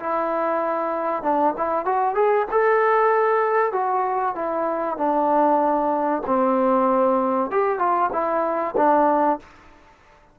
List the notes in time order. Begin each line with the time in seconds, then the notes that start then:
0.00 E4
1.23 D4
1.58 E4
1.86 F#4
2.15 G#4
2.52 A4
3.73 F#4
4.36 E4
4.98 D4
6.27 C4
7.51 G4
7.79 F4
8.13 E4
8.78 D4